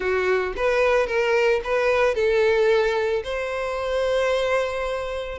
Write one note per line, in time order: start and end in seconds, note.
0.00 0.53 F#4
0.56 1.06 B4
1.06 1.60 A#4
1.64 2.14 B4
2.14 3.23 A4
3.24 5.38 C5